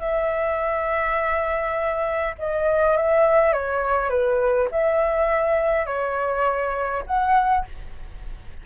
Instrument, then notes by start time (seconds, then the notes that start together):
flute
0.00 E5
2.39 D#5
2.97 E5
3.53 C#5
4.10 B4
4.71 E5
5.86 C#5
7.06 F#5